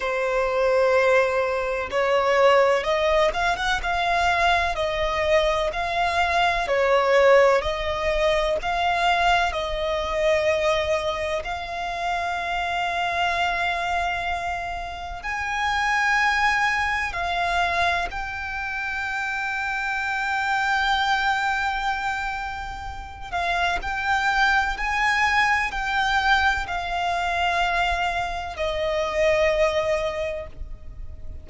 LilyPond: \new Staff \with { instrumentName = "violin" } { \time 4/4 \tempo 4 = 63 c''2 cis''4 dis''8 f''16 fis''16 | f''4 dis''4 f''4 cis''4 | dis''4 f''4 dis''2 | f''1 |
gis''2 f''4 g''4~ | g''1~ | g''8 f''8 g''4 gis''4 g''4 | f''2 dis''2 | }